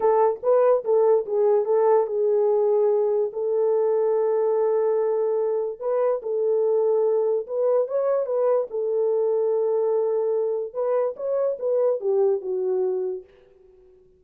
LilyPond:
\new Staff \with { instrumentName = "horn" } { \time 4/4 \tempo 4 = 145 a'4 b'4 a'4 gis'4 | a'4 gis'2. | a'1~ | a'2 b'4 a'4~ |
a'2 b'4 cis''4 | b'4 a'2.~ | a'2 b'4 cis''4 | b'4 g'4 fis'2 | }